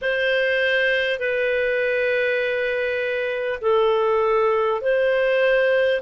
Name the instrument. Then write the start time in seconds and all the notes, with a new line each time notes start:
clarinet
0.01 C5
1.19 B4
3.61 A4
4.81 C5